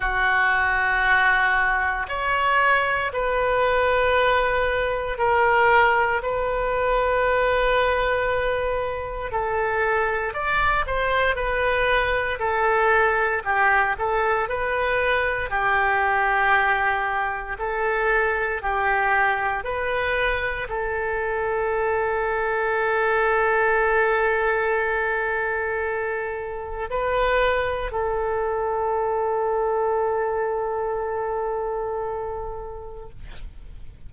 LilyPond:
\new Staff \with { instrumentName = "oboe" } { \time 4/4 \tempo 4 = 58 fis'2 cis''4 b'4~ | b'4 ais'4 b'2~ | b'4 a'4 d''8 c''8 b'4 | a'4 g'8 a'8 b'4 g'4~ |
g'4 a'4 g'4 b'4 | a'1~ | a'2 b'4 a'4~ | a'1 | }